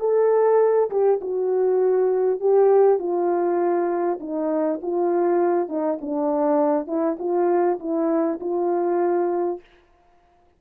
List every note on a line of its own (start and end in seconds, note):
0.00 0.90 A4
0.90 1.20 G4
1.21 2.41 F#4
2.41 2.99 G4
2.99 4.19 F4
4.21 4.81 D#4
4.82 5.69 F4
5.69 5.99 D#4
6.01 6.87 D4
6.87 7.17 E4
7.19 7.79 F4
7.79 8.39 E4
8.40 9.60 F4